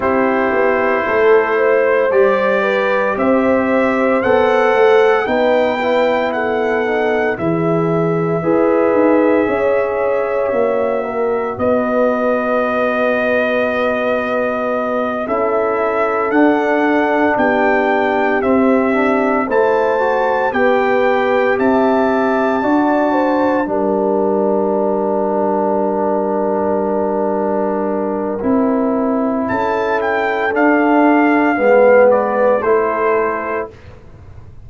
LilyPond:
<<
  \new Staff \with { instrumentName = "trumpet" } { \time 4/4 \tempo 4 = 57 c''2 d''4 e''4 | fis''4 g''4 fis''4 e''4~ | e''2. dis''4~ | dis''2~ dis''8 e''4 fis''8~ |
fis''8 g''4 e''4 a''4 g''8~ | g''8 a''2 g''4.~ | g''1 | a''8 g''8 f''4. d''8 c''4 | }
  \new Staff \with { instrumentName = "horn" } { \time 4/4 g'4 a'8 c''4 b'8 c''4~ | c''4 b'4 a'4 gis'4 | b'4 cis''4. ais'8 b'4~ | b'2~ b'8 a'4.~ |
a'8 g'2 c''4 b'8~ | b'8 e''4 d''8 c''8 ais'4.~ | ais'1 | a'2 b'4 a'4 | }
  \new Staff \with { instrumentName = "trombone" } { \time 4/4 e'2 g'2 | a'4 dis'8 e'4 dis'8 e'4 | gis'2 fis'2~ | fis'2~ fis'8 e'4 d'8~ |
d'4. c'8 d'8 e'8 fis'8 g'8~ | g'4. fis'4 d'4.~ | d'2. e'4~ | e'4 d'4 b4 e'4 | }
  \new Staff \with { instrumentName = "tuba" } { \time 4/4 c'8 b8 a4 g4 c'4 | b8 a8 b2 e4 | e'8 dis'8 cis'4 ais4 b4~ | b2~ b8 cis'4 d'8~ |
d'8 b4 c'4 a4 b8~ | b8 c'4 d'4 g4.~ | g2. c'4 | cis'4 d'4 gis4 a4 | }
>>